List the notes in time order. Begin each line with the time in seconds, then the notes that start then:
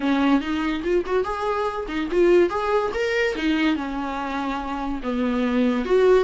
0.00 C#4
0.41 D#4
0.83 F4
1.05 F#4
1.24 G#4
1.87 D#4
2.11 F4
2.49 G#4
2.94 A#4
3.35 D#4
3.75 C#4
5.02 B3
5.85 F#4